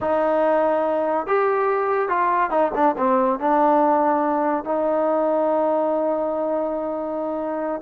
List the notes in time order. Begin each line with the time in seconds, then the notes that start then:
0.00 D#4
1.27 G4
2.08 F4
2.50 D#4
2.74 D4
2.97 C4
3.39 D4
4.64 D#4